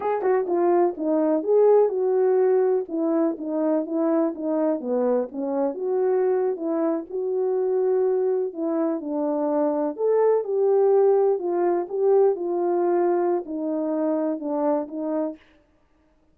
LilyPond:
\new Staff \with { instrumentName = "horn" } { \time 4/4 \tempo 4 = 125 gis'8 fis'8 f'4 dis'4 gis'4 | fis'2 e'4 dis'4 | e'4 dis'4 b4 cis'4 | fis'4.~ fis'16 e'4 fis'4~ fis'16~ |
fis'4.~ fis'16 e'4 d'4~ d'16~ | d'8. a'4 g'2 f'16~ | f'8. g'4 f'2~ f'16 | dis'2 d'4 dis'4 | }